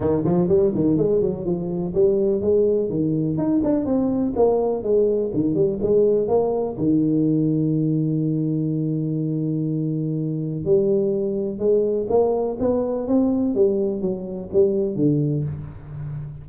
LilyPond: \new Staff \with { instrumentName = "tuba" } { \time 4/4 \tempo 4 = 124 dis8 f8 g8 dis8 gis8 fis8 f4 | g4 gis4 dis4 dis'8 d'8 | c'4 ais4 gis4 dis8 g8 | gis4 ais4 dis2~ |
dis1~ | dis2 g2 | gis4 ais4 b4 c'4 | g4 fis4 g4 d4 | }